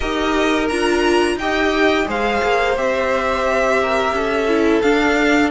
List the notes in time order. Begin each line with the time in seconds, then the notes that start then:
0.00 D#4 G4 A#4 D#5
0.68 D4 F4 A#5
1.36 D#4 G4 D#5 G5
2.06 G#3 G#4 C5 F5
2.42 A#3
2.76 C4 G4 E5
3.82 A#4
4.12 C#4 A4
4.48 E4
4.81 D4 F5